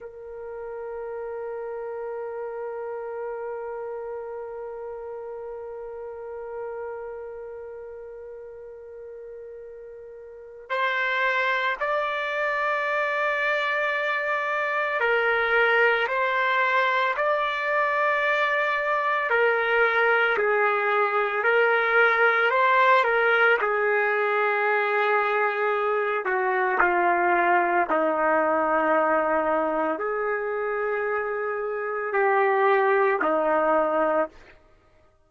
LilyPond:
\new Staff \with { instrumentName = "trumpet" } { \time 4/4 \tempo 4 = 56 ais'1~ | ais'1~ | ais'2 c''4 d''4~ | d''2 ais'4 c''4 |
d''2 ais'4 gis'4 | ais'4 c''8 ais'8 gis'2~ | gis'8 fis'8 f'4 dis'2 | gis'2 g'4 dis'4 | }